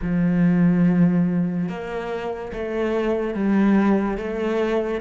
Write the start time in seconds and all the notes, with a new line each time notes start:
0.02 F3
1.68 A#3
2.52 A3
3.34 G3
4.17 A3